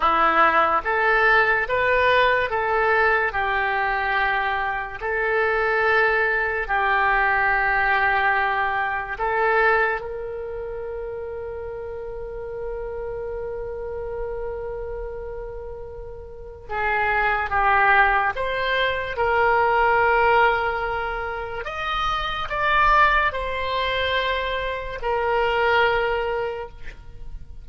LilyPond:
\new Staff \with { instrumentName = "oboe" } { \time 4/4 \tempo 4 = 72 e'4 a'4 b'4 a'4 | g'2 a'2 | g'2. a'4 | ais'1~ |
ais'1 | gis'4 g'4 c''4 ais'4~ | ais'2 dis''4 d''4 | c''2 ais'2 | }